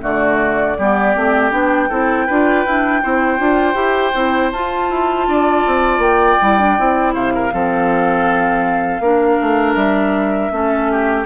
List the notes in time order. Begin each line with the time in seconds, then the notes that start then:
0.00 D3 A3 F#4 D5
0.78 G3 B3 G4
1.15 A3 C4
1.50 B3 D4 G5
1.89 C4 E4 A4
2.26 D4 F4 B4
2.65 D4 E4
3.02 C4 E4 C5
3.38 D4 F4
3.74 E4 G4
4.14 C4 E4
4.51 F4 A5
4.90 E4
5.27 D4 D5
5.66 C4
5.98 A#3 G5
6.41 G3 E4
6.59 D4
6.78 C4 E4
7.13 C3 C5 F5
7.34 A#4
7.51 F3 C4 A4
9.00 A#3 D4 A#4
9.41 A3
9.73 G3 E5
10.51 A3 C#4 A4
10.91 G4